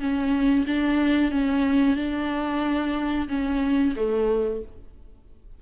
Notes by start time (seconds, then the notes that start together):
0.00 C#4
0.67 D4
1.31 C#4
1.96 D4
3.28 C#4
3.96 A3